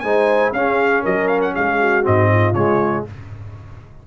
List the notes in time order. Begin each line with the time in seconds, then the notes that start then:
0.00 G#3 D#4 C5 G#5
0.52 C#4 G#4 F5
1.02 F#3 A#4 D#5
1.27 F5
1.41 F#5
1.54 G#3 G#4 F5
1.80 F#4
2.03 G#2 C4 D#5
2.30 F4
2.53 C#3 G#3 C#5